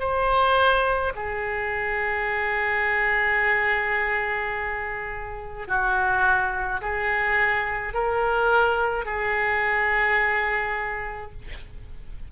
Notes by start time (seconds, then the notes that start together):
0.00 C5
1.15 G#4
5.68 F#4
6.81 G#4
7.93 A#4
9.05 G#4